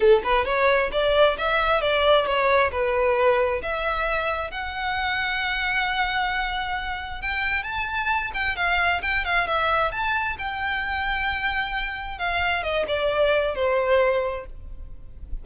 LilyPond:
\new Staff \with { instrumentName = "violin" } { \time 4/4 \tempo 4 = 133 a'8 b'8 cis''4 d''4 e''4 | d''4 cis''4 b'2 | e''2 fis''2~ | fis''1 |
g''4 a''4. g''8 f''4 | g''8 f''8 e''4 a''4 g''4~ | g''2. f''4 | dis''8 d''4. c''2 | }